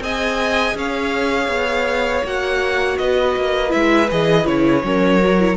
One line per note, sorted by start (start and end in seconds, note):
0.00 0.74 C4
0.00 2.24 G#4
0.00 0.77 D#5
0.00 0.77 G#5
0.75 1.48 C#4
0.75 3.00 C#5
0.75 2.26 F5
1.48 2.22 B3
2.24 2.98 A#3
2.24 3.69 F#4
2.24 2.98 F#5
2.98 3.36 B3
2.98 4.85 B4
2.98 3.72 D#5
3.37 3.74 A#3
3.69 4.11 G#3
3.69 4.06 E4
3.69 4.09 E5
4.10 4.46 E3
4.10 4.45 G#4
4.10 4.47 D#5
4.45 4.83 C#3
4.45 4.82 E4
4.45 5.57 C#5
4.83 5.57 F#3
4.83 5.21 C#4
4.83 5.57 A#4
5.22 5.39 F#4
5.39 5.57 E4